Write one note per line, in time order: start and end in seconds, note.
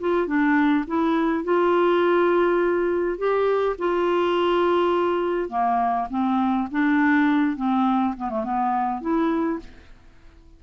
0.00 0.27 F4
0.27 0.85 D4
0.87 1.44 E4
1.44 3.18 F4
3.18 3.76 G4
3.79 5.49 F4
5.49 6.08 A#3
6.10 6.68 C4
6.71 7.56 D4
7.56 8.15 C4
8.17 8.30 B3
8.30 8.44 A3
8.44 9.01 B3
9.01 9.60 E4